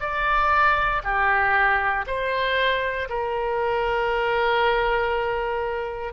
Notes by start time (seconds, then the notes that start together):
0.00 D5
1.03 G4
2.07 C5
3.09 A#4